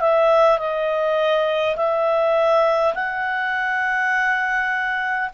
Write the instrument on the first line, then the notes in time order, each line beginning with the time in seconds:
clarinet
0.00 E5
0.58 D#5
1.76 E5
2.94 F#5